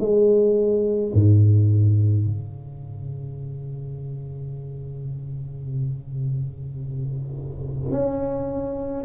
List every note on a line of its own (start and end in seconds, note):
0.00 1.13 G#3
1.14 2.27 G#2
2.27 7.91 C#3
7.91 9.05 C#4